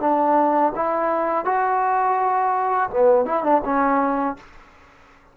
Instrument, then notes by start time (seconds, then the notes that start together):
trombone
0.00 D4
0.75 E4
1.45 F#4
2.90 B3
3.25 E4
3.43 D4
3.64 C#4